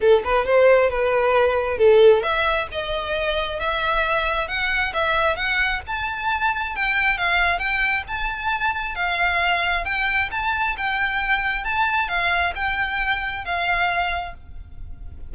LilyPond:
\new Staff \with { instrumentName = "violin" } { \time 4/4 \tempo 4 = 134 a'8 b'8 c''4 b'2 | a'4 e''4 dis''2 | e''2 fis''4 e''4 | fis''4 a''2 g''4 |
f''4 g''4 a''2 | f''2 g''4 a''4 | g''2 a''4 f''4 | g''2 f''2 | }